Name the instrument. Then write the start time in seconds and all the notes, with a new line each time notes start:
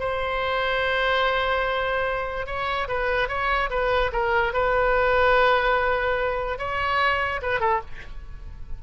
oboe
0.00 C5
2.47 C#5
2.88 B4
3.29 C#5
3.70 B4
4.13 A#4
4.53 B4
6.59 C#5
7.42 B4
7.60 A4